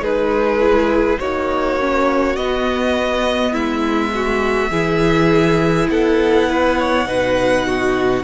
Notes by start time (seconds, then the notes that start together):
0.00 G#3 D#4 G#4 B4
0.60 E4
1.19 A#3 D#4 F#4 C#5
1.80 C#4
2.37 B3 D#5
3.52 G#3 E4 E5
4.15 F#4
4.71 E3 E4 G#4
5.89 B3 A4 F#5
6.49 B4
6.79 C#5
7.05 B2 D#4 B4
7.66 F#4